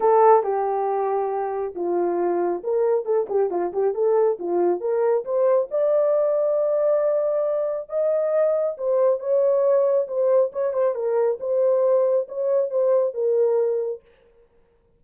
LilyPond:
\new Staff \with { instrumentName = "horn" } { \time 4/4 \tempo 4 = 137 a'4 g'2. | f'2 ais'4 a'8 g'8 | f'8 g'8 a'4 f'4 ais'4 | c''4 d''2.~ |
d''2 dis''2 | c''4 cis''2 c''4 | cis''8 c''8 ais'4 c''2 | cis''4 c''4 ais'2 | }